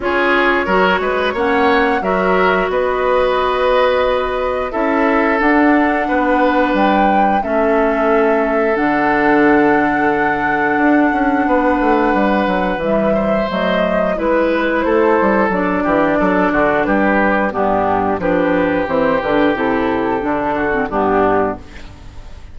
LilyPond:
<<
  \new Staff \with { instrumentName = "flute" } { \time 4/4 \tempo 4 = 89 cis''2 fis''4 e''4 | dis''2. e''4 | fis''2 g''4 e''4~ | e''4 fis''2.~ |
fis''2. e''4 | dis''4 b'4 c''4 d''4~ | d''4 b'4 g'4 b'4 | c''8 b'8 a'2 g'4 | }
  \new Staff \with { instrumentName = "oboe" } { \time 4/4 gis'4 ais'8 b'8 cis''4 ais'4 | b'2. a'4~ | a'4 b'2 a'4~ | a'1~ |
a'4 b'2~ b'8 c''8~ | c''4 b'4 a'4. g'8 | a'8 fis'8 g'4 d'4 g'4~ | g'2~ g'8 fis'8 d'4 | }
  \new Staff \with { instrumentName = "clarinet" } { \time 4/4 f'4 fis'4 cis'4 fis'4~ | fis'2. e'4 | d'2. cis'4~ | cis'4 d'2.~ |
d'2. g4 | a4 e'2 d'4~ | d'2 b4 d'4 | c'8 d'8 e'4 d'8. c'16 b4 | }
  \new Staff \with { instrumentName = "bassoon" } { \time 4/4 cis'4 fis8 gis8 ais4 fis4 | b2. cis'4 | d'4 b4 g4 a4~ | a4 d2. |
d'8 cis'8 b8 a8 g8 fis8 e4 | fis4 gis4 a8 g8 fis8 e8 | fis8 d8 g4 g,4 f4 | e8 d8 c4 d4 g,4 | }
>>